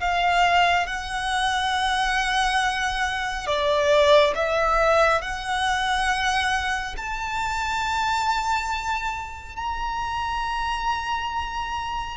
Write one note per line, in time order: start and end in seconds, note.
0.00 0.87 F5
0.87 3.47 F#5
3.47 4.34 D5
4.35 5.21 E5
5.21 6.95 F#5
6.97 9.56 A5
9.56 12.17 A#5